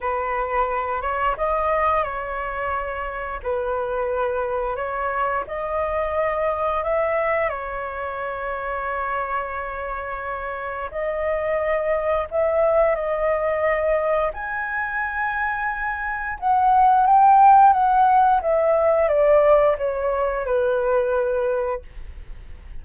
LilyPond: \new Staff \with { instrumentName = "flute" } { \time 4/4 \tempo 4 = 88 b'4. cis''8 dis''4 cis''4~ | cis''4 b'2 cis''4 | dis''2 e''4 cis''4~ | cis''1 |
dis''2 e''4 dis''4~ | dis''4 gis''2. | fis''4 g''4 fis''4 e''4 | d''4 cis''4 b'2 | }